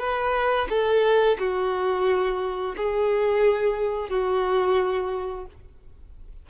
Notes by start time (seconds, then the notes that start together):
0.00 B4
0.70 A4
1.39 F#4
2.77 G#4
4.10 F#4